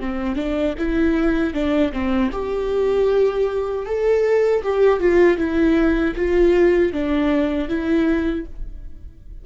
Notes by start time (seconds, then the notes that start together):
0.00 C4
0.36 D4
0.78 E4
1.54 D4
1.93 C4
2.32 G4
3.86 A4
4.63 G4
5.00 F4
5.38 E4
6.16 F4
6.93 D4
7.69 E4